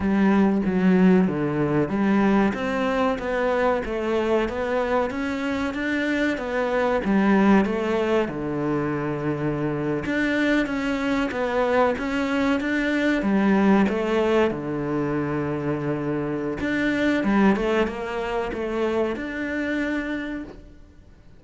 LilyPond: \new Staff \with { instrumentName = "cello" } { \time 4/4 \tempo 4 = 94 g4 fis4 d4 g4 | c'4 b4 a4 b4 | cis'4 d'4 b4 g4 | a4 d2~ d8. d'16~ |
d'8. cis'4 b4 cis'4 d'16~ | d'8. g4 a4 d4~ d16~ | d2 d'4 g8 a8 | ais4 a4 d'2 | }